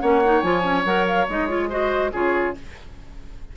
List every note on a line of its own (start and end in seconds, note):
0.00 0.42 A#3
0.00 0.22 C#4
0.00 1.69 C#5
0.00 0.41 F#5
0.24 0.44 D#4
0.41 0.85 F3
0.41 0.63 F4
0.41 0.83 G#5
0.63 0.84 C#4
0.85 1.27 F#3
0.85 1.28 A#4
0.85 1.06 F#5
1.07 1.28 F5
1.29 2.13 G#3
1.29 1.48 D#4
1.29 1.48 D#5
1.48 1.69 F4
1.48 1.69 C#5
1.69 2.12 F#4
1.69 2.11 C5
1.69 2.12 D#5
2.12 2.56 C#3
2.12 2.54 F4
2.12 2.55 G#4
2.12 2.56 C#5